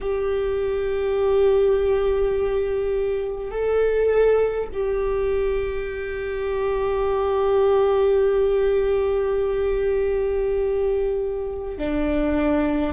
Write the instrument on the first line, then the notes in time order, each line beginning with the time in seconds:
viola
0.00 G4
3.51 A4
4.72 G4
11.78 D4